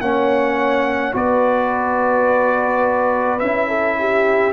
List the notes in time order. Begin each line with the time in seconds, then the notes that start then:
0.00 A#3 C#4 C#5 F#5
1.12 B3 F#4 B4 D5
3.39 C#4 E4 E5
3.68 A4
3.99 G4